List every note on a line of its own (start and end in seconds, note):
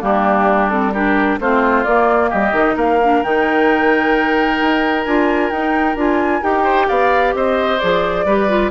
0.00 1.39 G3
0.00 0.69 A#3
0.00 0.93 D4
0.00 0.70 G4
0.70 0.93 C4
0.70 0.93 A4
0.93 1.41 D4
0.93 1.39 G4
0.93 1.38 A#4
1.40 1.86 A3
1.40 1.86 C4
1.40 2.30 F4
1.40 1.84 C5
1.84 2.32 A#3
1.84 2.53 A#3
1.84 2.30 D5
2.30 2.52 G3
2.30 2.75 G4
2.30 2.76 D#5
2.52 2.75 D#3
2.52 2.99 D#4
2.76 3.22 A#3
2.76 6.64 A#4
2.76 3.24 F5
3.04 3.24 D4
3.24 4.61 D#3
3.24 5.06 D#4
3.24 5.05 G5
4.61 5.06 D#4
5.05 5.51 D4
5.05 5.52 F4
5.05 5.50 G#5
5.51 5.96 D#4
5.51 5.96 G5
5.96 6.42 D4
5.96 6.42 F4
5.96 6.43 G#5
6.42 6.89 D#4
6.42 7.79 G4
6.42 6.89 G5
6.64 6.86 C5
6.88 7.34 B3
6.88 7.34 D5
6.88 7.34 F5
7.34 7.80 C4
7.34 8.26 C5
7.34 7.79 D#5
7.79 8.25 F3
7.79 8.26 G#4
7.79 8.70 D5
8.25 8.71 G3
8.25 8.49 G4
8.25 8.71 B4
8.49 8.71 F4